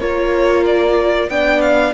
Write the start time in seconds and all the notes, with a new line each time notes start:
0.00 A#3 F4 A#4 C#5
0.66 D5
1.29 B3 D4 D5 G5
1.61 F5